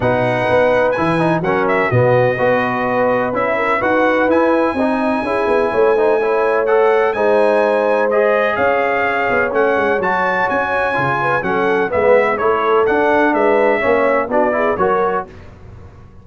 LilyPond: <<
  \new Staff \with { instrumentName = "trumpet" } { \time 4/4 \tempo 4 = 126 fis''2 gis''4 fis''8 e''8 | dis''2. e''4 | fis''4 gis''2.~ | gis''2 fis''4 gis''4~ |
gis''4 dis''4 f''2 | fis''4 a''4 gis''2 | fis''4 e''4 cis''4 fis''4 | e''2 d''4 cis''4 | }
  \new Staff \with { instrumentName = "horn" } { \time 4/4 b'2. ais'4 | fis'4 b'2~ b'8 ais'8 | b'2 dis''4 gis'4 | cis''8 c''8 cis''2 c''4~ |
c''2 cis''2~ | cis''2.~ cis''8 b'8 | a'4 b'4 a'2 | b'4 cis''4 fis'8 gis'8 ais'4 | }
  \new Staff \with { instrumentName = "trombone" } { \time 4/4 dis'2 e'8 dis'8 cis'4 | b4 fis'2 e'4 | fis'4 e'4 dis'4 e'4~ | e'8 dis'8 e'4 a'4 dis'4~ |
dis'4 gis'2. | cis'4 fis'2 f'4 | cis'4 b4 e'4 d'4~ | d'4 cis'4 d'8 e'8 fis'4 | }
  \new Staff \with { instrumentName = "tuba" } { \time 4/4 b,4 b4 e4 fis4 | b,4 b2 cis'4 | dis'4 e'4 c'4 cis'8 b8 | a2. gis4~ |
gis2 cis'4. b8 | a8 gis8 fis4 cis'4 cis4 | fis4 gis4 a4 d'4 | gis4 ais4 b4 fis4 | }
>>